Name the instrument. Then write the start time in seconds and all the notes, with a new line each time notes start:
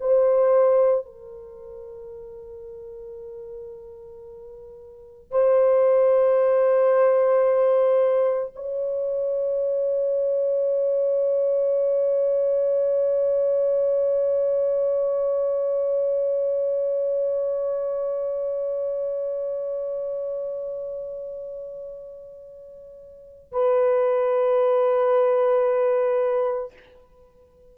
horn
0.00 C5
1.05 A#4
5.31 C5
8.55 C#5
23.51 B4